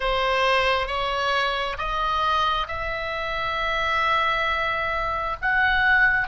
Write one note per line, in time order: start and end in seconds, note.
0.00 0.87 C5
0.87 1.76 C#5
1.77 2.67 D#5
2.67 5.36 E5
5.41 6.28 F#5